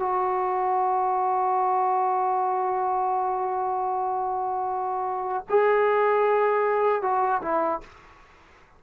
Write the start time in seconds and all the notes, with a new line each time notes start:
0.00 F#4
5.50 G#4
7.03 F#4
7.42 E4